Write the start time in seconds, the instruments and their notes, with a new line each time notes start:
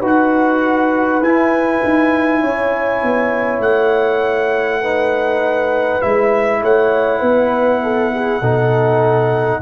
0.00 tuba D#4, trombone F#4, horn B4, trumpet F#5
1.21 tuba E4, trombone E4, trumpet G#5
1.83 tuba D#4
2.40 tuba C#4, horn C#5
3.02 tuba B3
3.59 tuba A3, trumpet F#5
4.81 trombone D#4, horn B4
6.01 tuba G#3, trombone E4, trumpet E5
6.61 tuba A3, horn C#5, trumpet F#5
7.19 tuba B3, horn B4
7.82 horn A4
8.13 horn G#4
8.40 tuba B2, trombone D#4, horn A4